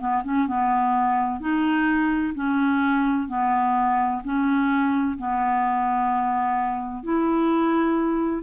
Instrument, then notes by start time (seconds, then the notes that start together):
clarinet
0.00 B3
0.24 C#4
0.48 B3
1.40 D#4
2.35 C#4
3.29 B3
4.24 C#4
5.18 B3
7.04 E4